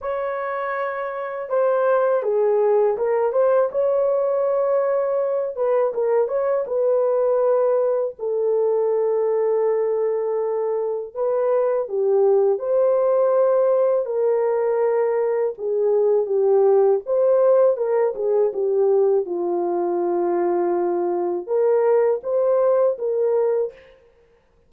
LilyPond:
\new Staff \with { instrumentName = "horn" } { \time 4/4 \tempo 4 = 81 cis''2 c''4 gis'4 | ais'8 c''8 cis''2~ cis''8 b'8 | ais'8 cis''8 b'2 a'4~ | a'2. b'4 |
g'4 c''2 ais'4~ | ais'4 gis'4 g'4 c''4 | ais'8 gis'8 g'4 f'2~ | f'4 ais'4 c''4 ais'4 | }